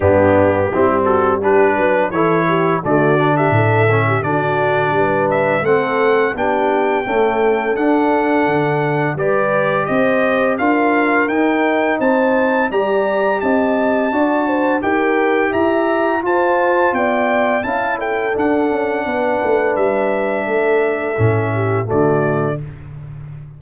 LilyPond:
<<
  \new Staff \with { instrumentName = "trumpet" } { \time 4/4 \tempo 4 = 85 g'4. a'8 b'4 cis''4 | d''8. e''4~ e''16 d''4. e''8 | fis''4 g''2 fis''4~ | fis''4 d''4 dis''4 f''4 |
g''4 a''4 ais''4 a''4~ | a''4 g''4 ais''4 a''4 | g''4 a''8 g''8 fis''2 | e''2. d''4 | }
  \new Staff \with { instrumentName = "horn" } { \time 4/4 d'4 e'8 fis'8 g'8 b'8 a'8 g'8 | fis'8. g'16 a'8. g'16 fis'4 b'4 | a'4 g'4 a'2~ | a'4 b'4 c''4 ais'4~ |
ais'4 c''4 d''4 dis''4 | d''8 c''8 ais'4 e''4 c''4 | d''4 f''8 a'4. b'4~ | b'4 a'4. g'8 fis'4 | }
  \new Staff \with { instrumentName = "trombone" } { \time 4/4 b4 c'4 d'4 e'4 | a8 d'4 cis'8 d'2 | c'4 d'4 a4 d'4~ | d'4 g'2 f'4 |
dis'2 g'2 | fis'4 g'2 f'4~ | f'4 e'4 d'2~ | d'2 cis'4 a4 | }
  \new Staff \with { instrumentName = "tuba" } { \time 4/4 g,4 g4. fis8 e4 | d4 a,4 d4 g4 | a4 b4 cis'4 d'4 | d4 g4 c'4 d'4 |
dis'4 c'4 g4 c'4 | d'4 dis'4 e'4 f'4 | b4 cis'4 d'8 cis'8 b8 a8 | g4 a4 a,4 d4 | }
>>